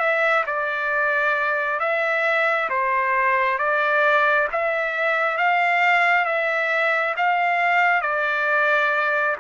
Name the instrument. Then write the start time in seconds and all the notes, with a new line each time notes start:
trumpet
0.00 E5
0.47 D5
1.80 E5
2.70 C5
3.59 D5
4.53 E5
5.38 F5
6.26 E5
7.17 F5
8.02 D5